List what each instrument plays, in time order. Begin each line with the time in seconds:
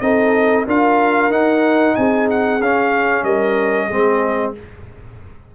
0.00 tuba C4, trombone D#4, horn A4, trumpet D#5
0.66 tuba D4, trombone F4, horn A#4, trumpet F5
1.30 tuba D#4, trombone D#4, trumpet F#5
1.95 tuba C4, horn G#4, trumpet G#5
2.30 trumpet F#5
2.60 tuba C#4, trombone C#4, trumpet F5
3.22 tuba G3, horn A#4, trumpet D#5
3.87 tuba G#3, trombone C4, horn G#4